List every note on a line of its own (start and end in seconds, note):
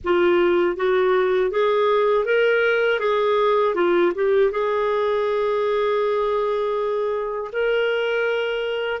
0.04 0.76 F4
0.76 1.50 F#4
1.50 2.25 G#4
2.25 2.99 A#4
2.99 3.74 G#4
3.75 4.12 F4
4.15 4.51 G4
4.51 7.51 G#4
7.52 9.00 A#4